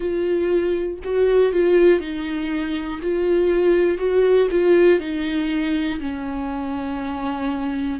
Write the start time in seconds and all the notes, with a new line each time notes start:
0.00 F4
1.04 F#4
1.52 F4
2.00 D#4
3.02 F4
3.98 F#4
4.50 F4
5.00 D#4
6.00 C#4